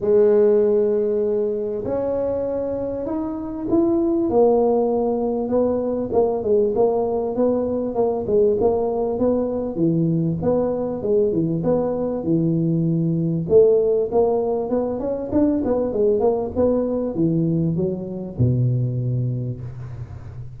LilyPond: \new Staff \with { instrumentName = "tuba" } { \time 4/4 \tempo 4 = 98 gis2. cis'4~ | cis'4 dis'4 e'4 ais4~ | ais4 b4 ais8 gis8 ais4 | b4 ais8 gis8 ais4 b4 |
e4 b4 gis8 e8 b4 | e2 a4 ais4 | b8 cis'8 d'8 b8 gis8 ais8 b4 | e4 fis4 b,2 | }